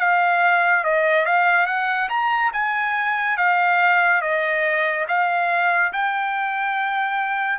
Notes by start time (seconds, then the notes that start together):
0.00 F5
0.85 D#5
1.26 F5
1.67 F#5
2.10 A#5
2.53 G#5
3.38 F5
4.22 D#5
5.09 F5
5.93 G5